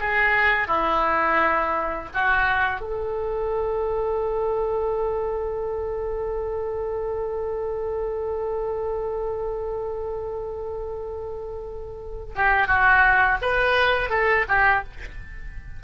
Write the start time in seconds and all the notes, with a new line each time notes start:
0.00 G#4
0.67 E4
2.14 F#4
2.80 A4
12.36 G4
12.67 F#4
13.41 B4
14.10 A4
14.48 G4